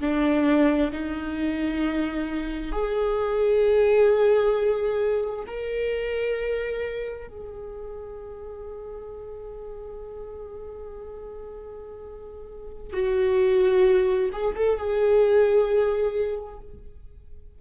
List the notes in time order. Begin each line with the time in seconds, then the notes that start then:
0.00 D4
0.92 D#4
2.72 G#4
5.47 A#4
7.27 G#4
12.93 F#4
14.32 G#4
14.55 A4
14.77 G#4